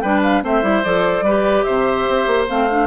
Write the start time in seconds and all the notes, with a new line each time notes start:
0.00 G3 D4 B4 G5
0.23 F5
0.43 A3 C4 C5 E5
0.62 G3 E4
0.83 F3 A4 D5
1.21 G3 G4 B4
1.63 C3 C5 E5
2.08 C4
2.26 A#3
2.48 A3 C4 F5
2.70 D4